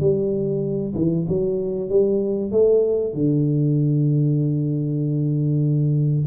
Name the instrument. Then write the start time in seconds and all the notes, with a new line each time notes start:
tuba
0.00 G3
0.95 E3
1.28 F#3
1.89 G3
2.51 A3
3.14 D3